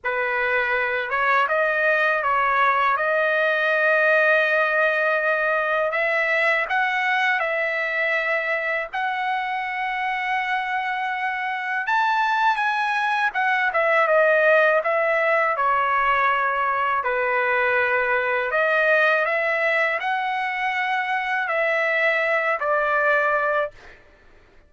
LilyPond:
\new Staff \with { instrumentName = "trumpet" } { \time 4/4 \tempo 4 = 81 b'4. cis''8 dis''4 cis''4 | dis''1 | e''4 fis''4 e''2 | fis''1 |
a''4 gis''4 fis''8 e''8 dis''4 | e''4 cis''2 b'4~ | b'4 dis''4 e''4 fis''4~ | fis''4 e''4. d''4. | }